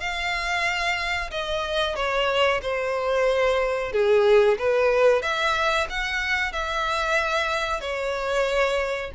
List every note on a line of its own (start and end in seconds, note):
0.00 1.30 F5
1.31 1.96 D#5
1.96 2.61 C#5
2.62 3.92 C5
3.92 4.58 G#4
4.59 5.22 B4
5.22 5.88 E5
5.90 6.53 F#5
6.53 7.81 E5
7.81 9.12 C#5